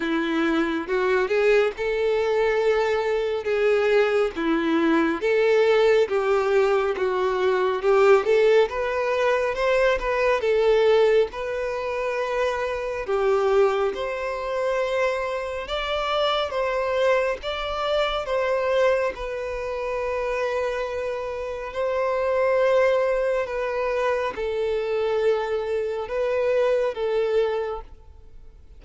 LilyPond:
\new Staff \with { instrumentName = "violin" } { \time 4/4 \tempo 4 = 69 e'4 fis'8 gis'8 a'2 | gis'4 e'4 a'4 g'4 | fis'4 g'8 a'8 b'4 c''8 b'8 | a'4 b'2 g'4 |
c''2 d''4 c''4 | d''4 c''4 b'2~ | b'4 c''2 b'4 | a'2 b'4 a'4 | }